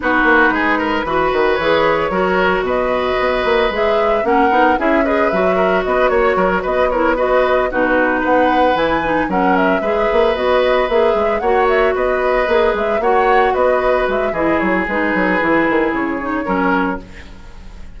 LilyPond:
<<
  \new Staff \with { instrumentName = "flute" } { \time 4/4 \tempo 4 = 113 b'2. cis''4~ | cis''4 dis''2 e''4 | fis''4 e''8 dis''8 e''4 dis''8 cis''8~ | cis''8 dis''8 cis''8 dis''4 b'4 fis''8~ |
fis''8 gis''4 fis''8 e''4. dis''8~ | dis''8 e''4 fis''8 e''8 dis''4. | e''8 fis''4 dis''4 e''8 dis''8 cis''8 | b'2 cis''2 | }
  \new Staff \with { instrumentName = "oboe" } { \time 4/4 fis'4 gis'8 ais'8 b'2 | ais'4 b'2. | ais'4 gis'8 b'4 ais'8 b'8 cis''8 | ais'8 b'8 ais'8 b'4 fis'4 b'8~ |
b'4. ais'4 b'4.~ | b'4. cis''4 b'4.~ | b'8 cis''4 b'4. gis'4~ | gis'2. ais'4 | }
  \new Staff \with { instrumentName = "clarinet" } { \time 4/4 dis'2 fis'4 gis'4 | fis'2. gis'4 | cis'8 dis'8 e'8 gis'8 fis'2~ | fis'4 e'8 fis'4 dis'4.~ |
dis'8 e'8 dis'8 cis'4 gis'4 fis'8~ | fis'8 gis'4 fis'2 gis'8~ | gis'8 fis'2~ fis'8 e'4 | dis'4 e'4. dis'8 cis'4 | }
  \new Staff \with { instrumentName = "bassoon" } { \time 4/4 b8 ais8 gis4 e8 dis8 e4 | fis4 b,4 b8 ais8 gis4 | ais8 b8 cis'4 fis4 b8 ais8 | fis8 b2 b,4 b8~ |
b8 e4 fis4 gis8 ais8 b8~ | b8 ais8 gis8 ais4 b4 ais8 | gis8 ais4 b4 gis8 e8 fis8 | gis8 fis8 e8 dis8 cis4 fis4 | }
>>